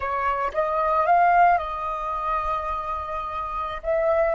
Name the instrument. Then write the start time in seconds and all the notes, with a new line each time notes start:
flute
0.00 C#5
0.53 D#5
1.06 F5
1.58 D#5
3.83 E5